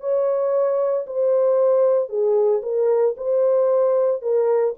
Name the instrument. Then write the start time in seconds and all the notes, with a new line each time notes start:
horn
0.00 C#5
1.06 C5
2.09 G#4
2.62 A#4
3.17 C5
4.21 A#4